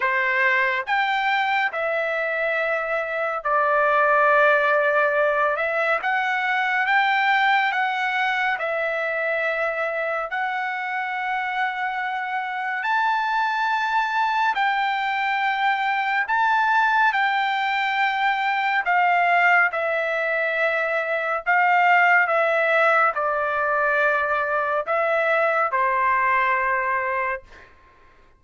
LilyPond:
\new Staff \with { instrumentName = "trumpet" } { \time 4/4 \tempo 4 = 70 c''4 g''4 e''2 | d''2~ d''8 e''8 fis''4 | g''4 fis''4 e''2 | fis''2. a''4~ |
a''4 g''2 a''4 | g''2 f''4 e''4~ | e''4 f''4 e''4 d''4~ | d''4 e''4 c''2 | }